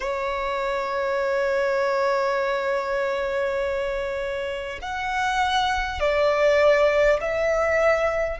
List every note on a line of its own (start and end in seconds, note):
0.00 4.79 C#5
4.81 6.00 F#5
6.00 7.20 D5
7.21 8.39 E5